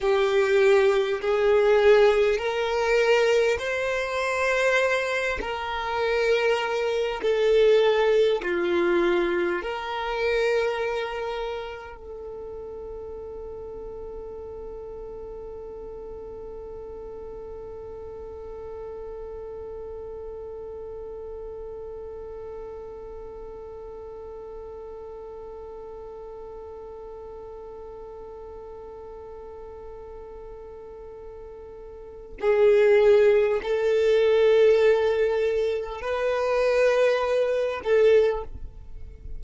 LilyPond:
\new Staff \with { instrumentName = "violin" } { \time 4/4 \tempo 4 = 50 g'4 gis'4 ais'4 c''4~ | c''8 ais'4. a'4 f'4 | ais'2 a'2~ | a'1~ |
a'1~ | a'1~ | a'2. gis'4 | a'2 b'4. a'8 | }